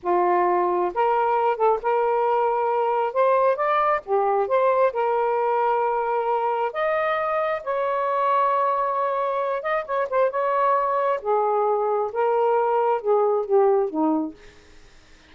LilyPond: \new Staff \with { instrumentName = "saxophone" } { \time 4/4 \tempo 4 = 134 f'2 ais'4. a'8 | ais'2. c''4 | d''4 g'4 c''4 ais'4~ | ais'2. dis''4~ |
dis''4 cis''2.~ | cis''4. dis''8 cis''8 c''8 cis''4~ | cis''4 gis'2 ais'4~ | ais'4 gis'4 g'4 dis'4 | }